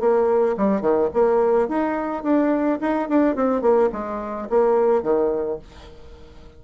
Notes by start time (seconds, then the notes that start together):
0.00 A#3
0.57 G3
0.82 D#3
1.14 A#3
1.68 D#4
2.23 D4
2.81 D#4
3.09 D4
3.36 C4
3.62 A#3
3.93 G#3
4.50 A#3
5.03 D#3